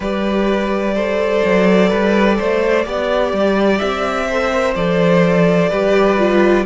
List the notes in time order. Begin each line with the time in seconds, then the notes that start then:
0.00 G3 G4 B4 D5
0.94 A4 C5
1.44 F#3
1.88 G3 B4
2.38 A3 C5
2.85 B3 G4 D5
3.32 G3
3.78 C4 E5
4.27 A4 C5
4.52 A#4
4.75 F3 A4 D5
5.69 G3 G4 B4
6.17 F4